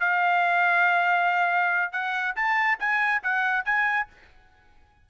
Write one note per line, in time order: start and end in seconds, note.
0.00 1.92 F5
1.92 2.35 F#5
2.36 2.79 A5
2.80 3.22 G#5
3.23 3.65 F#5
3.65 4.08 G#5